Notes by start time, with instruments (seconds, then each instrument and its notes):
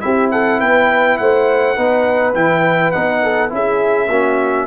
0.00 tuba C4, trombone E4, horn G4, trumpet E5
0.31 horn A4, trumpet F#5
0.60 tuba B3, horn B4, trumpet G5
1.18 tuba A3, horn C5, trumpet F#5
1.76 tuba B3, trombone D#4, horn B4
2.34 tuba E3, trombone E4, trumpet G5
2.91 tuba B3, trombone D#4, trumpet F#5
3.23 horn A4
3.49 tuba C#4, trombone E4, horn G#4, trumpet E5
4.09 tuba A#3, trombone C#4, horn F#4